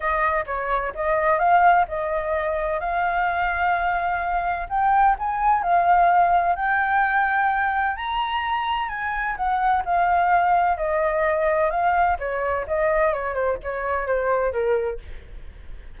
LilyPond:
\new Staff \with { instrumentName = "flute" } { \time 4/4 \tempo 4 = 128 dis''4 cis''4 dis''4 f''4 | dis''2 f''2~ | f''2 g''4 gis''4 | f''2 g''2~ |
g''4 ais''2 gis''4 | fis''4 f''2 dis''4~ | dis''4 f''4 cis''4 dis''4 | cis''8 c''8 cis''4 c''4 ais'4 | }